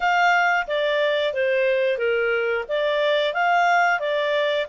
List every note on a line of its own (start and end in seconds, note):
0.00 0.66 F5
0.67 1.33 D5
1.33 1.98 C5
1.98 2.65 A#4
2.68 3.33 D5
3.33 3.99 F5
3.99 4.66 D5